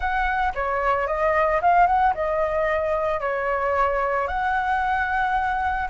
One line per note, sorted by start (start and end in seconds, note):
0.00 0.52 F#5
0.54 1.07 C#5
1.07 1.60 D#5
1.61 1.86 F5
1.86 2.13 F#5
2.14 3.20 D#5
3.20 4.27 C#5
4.27 5.88 F#5